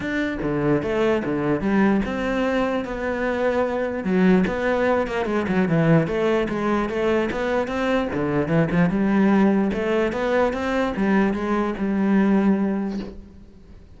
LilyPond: \new Staff \with { instrumentName = "cello" } { \time 4/4 \tempo 4 = 148 d'4 d4 a4 d4 | g4 c'2 b4~ | b2 fis4 b4~ | b8 ais8 gis8 fis8 e4 a4 |
gis4 a4 b4 c'4 | d4 e8 f8 g2 | a4 b4 c'4 g4 | gis4 g2. | }